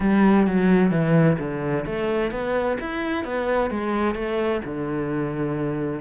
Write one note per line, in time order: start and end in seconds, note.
0.00 0.46 G3
0.46 0.91 F#3
0.91 1.37 E3
1.38 1.85 D3
1.85 2.31 A3
2.31 2.77 B3
2.80 3.24 E4
3.24 3.70 B3
3.70 4.15 G#3
4.15 4.61 A3
4.64 6.00 D3